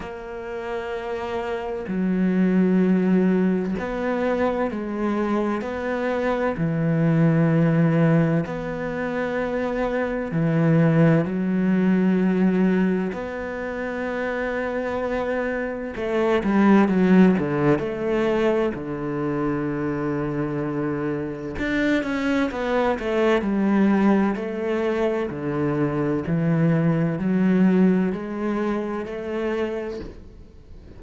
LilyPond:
\new Staff \with { instrumentName = "cello" } { \time 4/4 \tempo 4 = 64 ais2 fis2 | b4 gis4 b4 e4~ | e4 b2 e4 | fis2 b2~ |
b4 a8 g8 fis8 d8 a4 | d2. d'8 cis'8 | b8 a8 g4 a4 d4 | e4 fis4 gis4 a4 | }